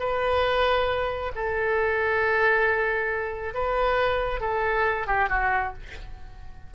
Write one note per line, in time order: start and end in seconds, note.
0.00 1.32 B4
1.36 3.54 A4
3.54 4.41 B4
4.41 5.07 A4
5.07 5.29 G4
5.29 5.74 F#4